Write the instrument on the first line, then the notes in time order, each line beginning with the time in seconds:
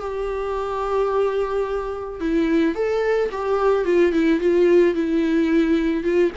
viola
0.00 G4
2.20 E4
2.75 A4
3.31 G4
3.85 F4
4.13 E4
4.40 F4
4.94 E4
6.04 F4